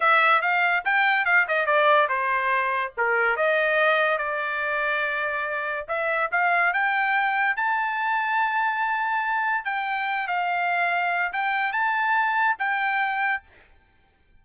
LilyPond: \new Staff \with { instrumentName = "trumpet" } { \time 4/4 \tempo 4 = 143 e''4 f''4 g''4 f''8 dis''8 | d''4 c''2 ais'4 | dis''2 d''2~ | d''2 e''4 f''4 |
g''2 a''2~ | a''2. g''4~ | g''8 f''2~ f''8 g''4 | a''2 g''2 | }